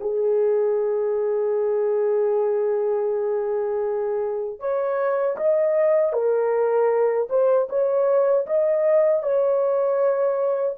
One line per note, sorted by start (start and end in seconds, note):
0.00 4.59 G#4
4.59 5.36 C#5
5.37 6.13 D#5
6.13 7.28 A#4
7.29 7.68 C5
7.69 8.46 C#5
8.46 9.22 D#5
9.22 10.76 C#5